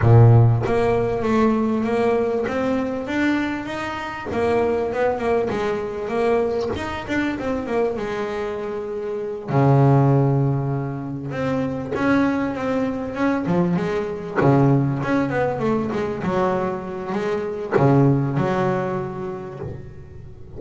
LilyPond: \new Staff \with { instrumentName = "double bass" } { \time 4/4 \tempo 4 = 98 ais,4 ais4 a4 ais4 | c'4 d'4 dis'4 ais4 | b8 ais8 gis4 ais4 dis'8 d'8 | c'8 ais8 gis2~ gis8 cis8~ |
cis2~ cis8 c'4 cis'8~ | cis'8 c'4 cis'8 f8 gis4 cis8~ | cis8 cis'8 b8 a8 gis8 fis4. | gis4 cis4 fis2 | }